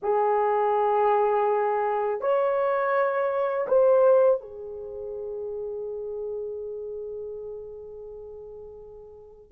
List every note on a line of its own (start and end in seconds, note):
0.02 2.21 G#4
2.21 3.67 C#5
3.68 4.40 C5
4.40 9.51 G#4